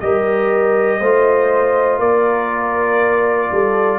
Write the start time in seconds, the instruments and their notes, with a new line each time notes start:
0.00 tuba G3, trombone G4, horn A#4, trumpet D#5
1.00 tuba A3, trombone F4, horn C5
1.99 tuba A#3, horn A#4, trumpet D5
3.51 tuba G3, horn A4